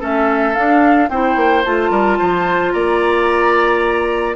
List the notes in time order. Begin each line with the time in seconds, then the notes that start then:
0.00 A3 C#4 A4 E5
0.55 D4 F5
1.10 C4 E4 C5 G5
1.36 A#3
1.65 A3 F4 A5
1.91 G3 A#4
2.19 F3 C5
2.72 A#3 D5 A#5